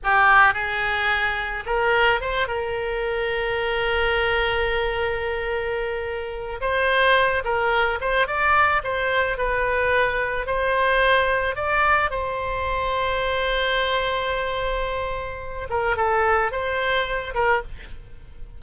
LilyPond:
\new Staff \with { instrumentName = "oboe" } { \time 4/4 \tempo 4 = 109 g'4 gis'2 ais'4 | c''8 ais'2.~ ais'8~ | ais'1 | c''4. ais'4 c''8 d''4 |
c''4 b'2 c''4~ | c''4 d''4 c''2~ | c''1~ | c''8 ais'8 a'4 c''4. ais'8 | }